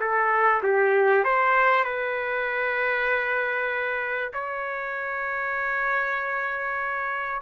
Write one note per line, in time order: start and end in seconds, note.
0.00 0.62 A4
0.63 1.24 G4
1.24 1.84 C5
1.84 4.31 B4
4.33 7.41 C#5